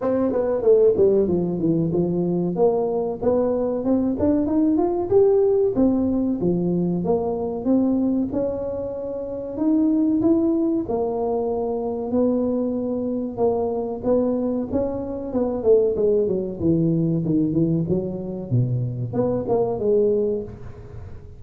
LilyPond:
\new Staff \with { instrumentName = "tuba" } { \time 4/4 \tempo 4 = 94 c'8 b8 a8 g8 f8 e8 f4 | ais4 b4 c'8 d'8 dis'8 f'8 | g'4 c'4 f4 ais4 | c'4 cis'2 dis'4 |
e'4 ais2 b4~ | b4 ais4 b4 cis'4 | b8 a8 gis8 fis8 e4 dis8 e8 | fis4 b,4 b8 ais8 gis4 | }